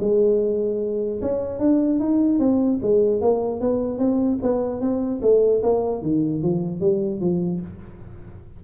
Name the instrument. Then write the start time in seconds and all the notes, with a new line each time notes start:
tuba
0.00 G#3
1.22 C#4
1.59 D4
2.00 D#4
2.39 C4
2.82 G#3
3.21 A#3
3.60 B3
3.99 C4
4.43 B3
4.81 C4
5.22 A3
5.63 A#3
6.02 D#3
6.42 F3
6.81 G3
7.20 F3